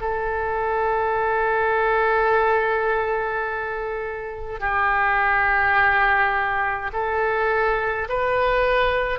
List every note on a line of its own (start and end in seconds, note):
0.00 4.60 A4
4.60 6.91 G4
6.92 8.08 A4
8.09 9.19 B4